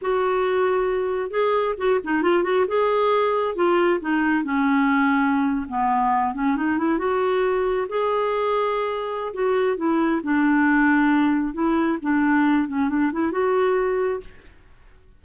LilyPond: \new Staff \with { instrumentName = "clarinet" } { \time 4/4 \tempo 4 = 135 fis'2. gis'4 | fis'8 dis'8 f'8 fis'8 gis'2 | f'4 dis'4 cis'2~ | cis'8. b4. cis'8 dis'8 e'8 fis'16~ |
fis'4.~ fis'16 gis'2~ gis'16~ | gis'4 fis'4 e'4 d'4~ | d'2 e'4 d'4~ | d'8 cis'8 d'8 e'8 fis'2 | }